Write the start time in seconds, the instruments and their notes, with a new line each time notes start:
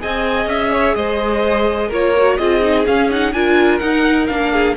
0.00 cello C4, viola G#4, violin D#5 G#5
0.47 cello C#4, violin E5
0.72 violin C#5
0.95 cello G#3, violin C5 D#5
1.88 cello A#3, viola F4, violin A#4 C#5
2.18 viola F#4
2.38 cello C4, viola F4, violin G#4 D#5
2.62 viola D#4
2.87 viola C#4, cello C#4, violin F5
3.11 viola D#4, violin F#5
3.33 cello D4, viola F4, violin A#4 G#5
3.79 viola D#4, cello D#4, violin F#5
4.27 cello A#3, viola D4, violin F5
4.52 violin G#4